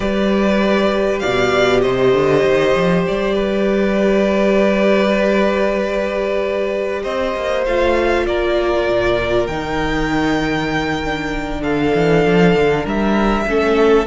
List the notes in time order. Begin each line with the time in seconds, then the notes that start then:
0.00 G3 G4 B4 D5
1.19 B2 D5 F5
1.81 C3 C5 D#5
2.13 D3
2.44 D#3
2.75 F3
3.07 G3 D5
3.34 B4
7.03 C4 C5 D#5
7.35 A#3
7.65 A3 F4 F5
8.26 A#3 A#4 D5
8.88 A#2
9.47 D#3 D#4 G5
11.03 D4
11.61 D3 A4 F5
11.95 E3
12.25 F3
12.54 D3
12.83 G3 A#4 E5
13.47 A3 C#4 A4